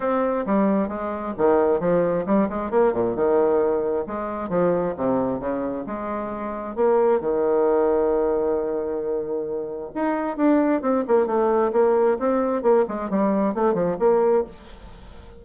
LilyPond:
\new Staff \with { instrumentName = "bassoon" } { \time 4/4 \tempo 4 = 133 c'4 g4 gis4 dis4 | f4 g8 gis8 ais8 ais,8 dis4~ | dis4 gis4 f4 c4 | cis4 gis2 ais4 |
dis1~ | dis2 dis'4 d'4 | c'8 ais8 a4 ais4 c'4 | ais8 gis8 g4 a8 f8 ais4 | }